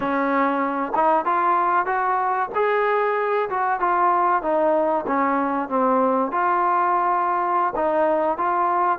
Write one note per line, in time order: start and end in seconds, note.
0.00 0.92 C#4
0.95 1.25 D#4
1.25 1.86 F4
1.86 2.49 F#4
2.54 3.49 G#4
3.49 3.80 F#4
3.80 4.42 F4
4.42 5.05 D#4
5.06 5.68 C#4
5.68 6.31 C4
6.31 7.73 F4
7.75 8.37 D#4
8.37 8.99 F4